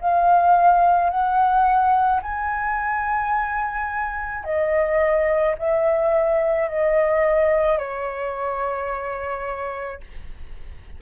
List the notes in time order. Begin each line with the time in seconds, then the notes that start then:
0.00 F5
1.10 F#5
2.22 G#5
4.44 D#5
5.58 E5
6.68 D#5
7.78 C#5